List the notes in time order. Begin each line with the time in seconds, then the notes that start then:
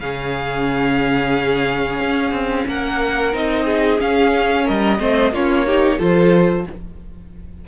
0.00 C#3 C#4 G#4 F5
2.00 C#4
2.31 C4
2.67 A#3 A#4 F#5
3.33 C4 D#4 D#5
3.64 G#4
3.98 C#4 F5
4.64 G3 A#4 D#5
4.98 A3 C4 C5
5.31 A#3 C#4 F4 C#5
5.66 D#4 G4
5.98 F3 F4 A4 C5